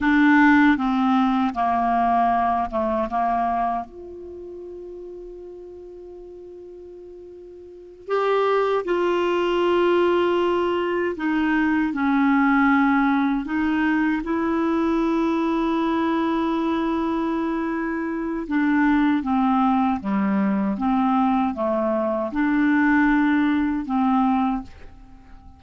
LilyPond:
\new Staff \with { instrumentName = "clarinet" } { \time 4/4 \tempo 4 = 78 d'4 c'4 ais4. a8 | ais4 f'2.~ | f'2~ f'8 g'4 f'8~ | f'2~ f'8 dis'4 cis'8~ |
cis'4. dis'4 e'4.~ | e'1 | d'4 c'4 g4 c'4 | a4 d'2 c'4 | }